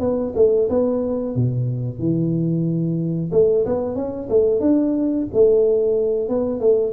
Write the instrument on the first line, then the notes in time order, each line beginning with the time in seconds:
tuba
0.00 B3
0.36 A3
0.70 B3
1.35 B2
1.99 E3
3.32 A3
3.66 B3
3.96 C#4
4.29 A3
4.60 D4
5.33 A3
6.29 B3
6.60 A3